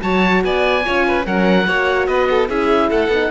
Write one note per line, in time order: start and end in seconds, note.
0.00 0.44 F#3
0.00 0.82 F#4
0.00 0.44 C#5
0.00 0.43 A5
0.44 0.85 B3
0.44 0.85 D5
0.44 1.26 G#5
0.85 1.26 C#4
0.85 1.24 F4
0.85 1.06 C#5
1.07 1.26 B4
1.24 1.67 F#3
1.24 1.65 C#4
1.24 1.67 A#4
1.24 2.06 F#5
1.67 2.08 A#3
1.67 2.48 F#4
1.67 2.08 C#5
2.06 2.49 B3
2.06 2.28 B4
2.06 2.47 D#5
2.30 2.49 A4
2.48 2.90 C#4
2.48 3.10 E4
2.48 2.90 G#4
2.48 2.90 E5
2.90 3.08 A3
2.90 3.31 A4
2.90 3.31 F#5
3.08 3.28 B3
3.08 3.31 D#4